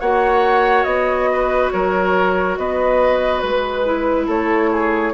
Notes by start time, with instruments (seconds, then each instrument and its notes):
0.00 bassoon A#3, clarinet F#4, oboe C#5, flute F#5
0.83 bassoon B3, flute D#5
1.32 oboe B4
1.71 bassoon F#3, oboe A#4, flute C#5
2.57 bassoon B3, oboe B4, flute D#5
3.39 bassoon G#3, flute B4
3.85 clarinet E4
4.27 bassoon A3, oboe A4, flute C#5
4.71 oboe G#4